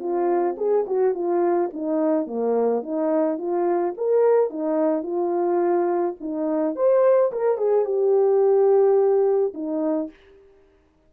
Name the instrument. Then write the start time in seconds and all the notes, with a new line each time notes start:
horn
0.00 F4
0.58 G#4
0.87 F#4
1.15 F4
1.73 D#4
2.27 A#3
2.83 D#4
3.38 F4
3.98 A#4
4.50 D#4
5.03 F4
6.21 D#4
6.76 C5
7.32 A#4
7.58 G#4
7.86 G4
9.54 D#4